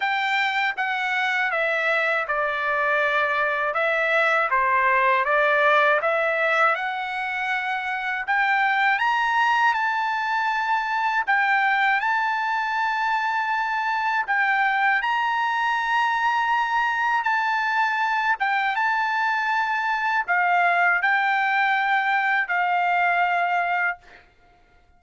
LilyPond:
\new Staff \with { instrumentName = "trumpet" } { \time 4/4 \tempo 4 = 80 g''4 fis''4 e''4 d''4~ | d''4 e''4 c''4 d''4 | e''4 fis''2 g''4 | ais''4 a''2 g''4 |
a''2. g''4 | ais''2. a''4~ | a''8 g''8 a''2 f''4 | g''2 f''2 | }